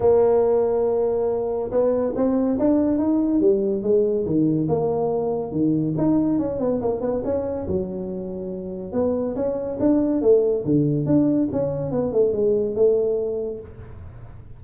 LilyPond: \new Staff \with { instrumentName = "tuba" } { \time 4/4 \tempo 4 = 141 ais1 | b4 c'4 d'4 dis'4 | g4 gis4 dis4 ais4~ | ais4 dis4 dis'4 cis'8 b8 |
ais8 b8 cis'4 fis2~ | fis4 b4 cis'4 d'4 | a4 d4 d'4 cis'4 | b8 a8 gis4 a2 | }